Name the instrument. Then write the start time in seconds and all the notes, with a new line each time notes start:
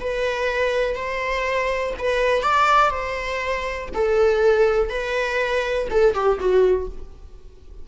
viola
0.00 B4
0.95 C5
1.99 B4
2.43 D5
2.90 C5
3.94 A4
4.89 B4
5.91 A4
6.14 G4
6.39 F#4